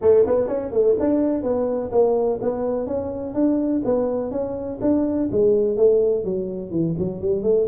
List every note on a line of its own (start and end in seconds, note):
0.01 0.25 A3
0.26 0.47 B3
0.47 0.71 C#4
0.71 0.95 A3
0.99 1.42 D4
1.42 1.90 B3
1.91 2.39 A#3
2.41 2.86 B3
2.86 3.34 C#4
3.34 3.82 D4
3.84 4.31 B3
4.31 4.79 C#4
4.81 5.29 D4
5.31 5.76 G#3
5.76 6.24 A3
6.24 6.70 F#3
6.70 6.94 E3
6.98 7.21 F#3
7.21 7.42 G3
7.42 7.66 A3